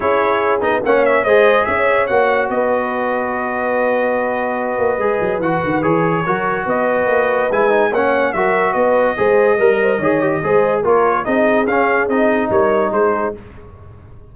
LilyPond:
<<
  \new Staff \with { instrumentName = "trumpet" } { \time 4/4 \tempo 4 = 144 cis''4. dis''8 fis''8 e''8 dis''4 | e''4 fis''4 dis''2~ | dis''1~ | dis''4 fis''4 cis''2 |
dis''2 gis''4 fis''4 | e''4 dis''2.~ | dis''2 cis''4 dis''4 | f''4 dis''4 cis''4 c''4 | }
  \new Staff \with { instrumentName = "horn" } { \time 4/4 gis'2 cis''4 c''4 | cis''2 b'2~ | b'1~ | b'2. ais'4 |
b'2. cis''4 | ais'4 b'4 c''4 ais'8 c''8 | cis''4 c''4 ais'4 gis'4~ | gis'2 ais'4 gis'4 | }
  \new Staff \with { instrumentName = "trombone" } { \time 4/4 e'4. dis'8 cis'4 gis'4~ | gis'4 fis'2.~ | fis'1 | gis'4 fis'4 gis'4 fis'4~ |
fis'2 e'8 dis'8 cis'4 | fis'2 gis'4 ais'4 | gis'8 g'8 gis'4 f'4 dis'4 | cis'4 dis'2. | }
  \new Staff \with { instrumentName = "tuba" } { \time 4/4 cis'4. b8 ais4 gis4 | cis'4 ais4 b2~ | b2.~ b8 ais8 | gis8 fis8 e8 dis8 e4 fis4 |
b4 ais4 gis4 ais4 | fis4 b4 gis4 g4 | dis4 gis4 ais4 c'4 | cis'4 c'4 g4 gis4 | }
>>